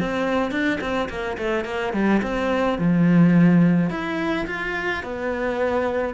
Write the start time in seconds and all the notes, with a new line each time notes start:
0.00 C4
0.51 D4
0.81 C4
1.09 A#3
1.38 A3
1.65 A#3
1.93 G3
2.23 C4
2.78 F3
3.90 E4
4.47 F4
5.03 B3